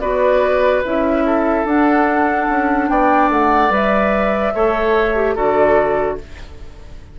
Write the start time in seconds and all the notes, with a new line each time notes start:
0.00 B3 F#4 B4 D5
0.84 C#4 E4 E5
1.26 A4
1.65 D4 F#5
2.49 C#4
2.89 B3 D5 G5
3.29 A3 F#5
3.70 G3 B4 E5
4.54 A3 A4 C#5
5.16 G4
5.35 D3 F#4 A4 D5